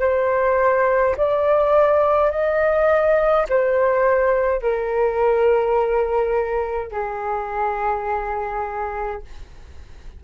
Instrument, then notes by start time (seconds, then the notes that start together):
flute
0.00 C5
1.17 D5
2.31 D#5
3.49 C5
4.62 A#4
6.91 G#4